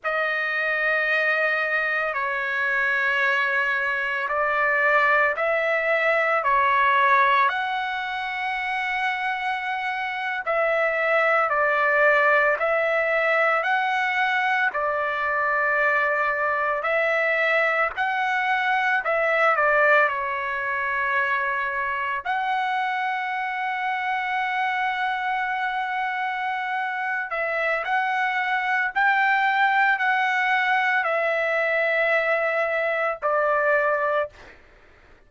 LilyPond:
\new Staff \with { instrumentName = "trumpet" } { \time 4/4 \tempo 4 = 56 dis''2 cis''2 | d''4 e''4 cis''4 fis''4~ | fis''4.~ fis''16 e''4 d''4 e''16~ | e''8. fis''4 d''2 e''16~ |
e''8. fis''4 e''8 d''8 cis''4~ cis''16~ | cis''8. fis''2.~ fis''16~ | fis''4. e''8 fis''4 g''4 | fis''4 e''2 d''4 | }